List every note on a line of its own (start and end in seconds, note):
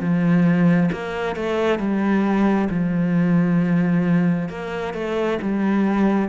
0.00 0.90 F3
0.92 1.36 A#3
1.36 1.79 A3
1.79 2.68 G3
2.69 4.49 F3
4.49 4.93 A#3
4.93 5.38 A3
5.41 6.29 G3